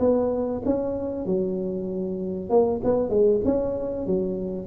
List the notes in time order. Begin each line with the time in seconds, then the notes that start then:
0.00 B3
0.65 C#4
1.26 F#3
2.50 A#3
2.84 B3
3.10 G#3
3.45 C#4
4.07 F#3